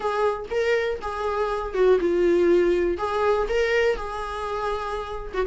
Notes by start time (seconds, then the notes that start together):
0.00 G#4
0.50 A#4
1.01 G#4
1.74 F#4
2.00 F4
2.97 G#4
3.48 A#4
3.96 G#4
5.33 F#4